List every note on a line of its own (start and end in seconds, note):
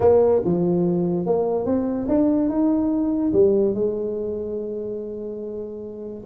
0.00 0.42 A#3
0.45 1.25 F3
1.25 1.65 A#3
1.65 2.07 C4
2.08 2.49 D4
2.49 3.32 D#4
3.32 3.74 G3
3.74 6.24 G#3